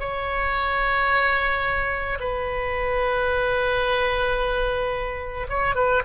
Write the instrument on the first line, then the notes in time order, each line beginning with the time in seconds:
oboe
0.00 C#5
2.20 B4
5.49 C#5
5.75 B4